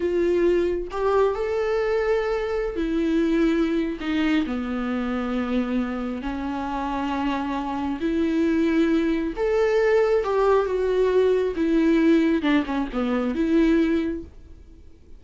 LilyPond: \new Staff \with { instrumentName = "viola" } { \time 4/4 \tempo 4 = 135 f'2 g'4 a'4~ | a'2~ a'16 e'4.~ e'16~ | e'4 dis'4 b2~ | b2 cis'2~ |
cis'2 e'2~ | e'4 a'2 g'4 | fis'2 e'2 | d'8 cis'8 b4 e'2 | }